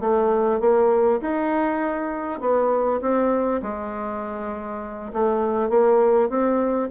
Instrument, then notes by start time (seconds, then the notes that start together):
bassoon
0.00 A3
0.60 A#3
1.21 D#4
2.40 B3
3.01 C4
3.62 G#3
5.13 A3
5.69 A#3
6.29 C4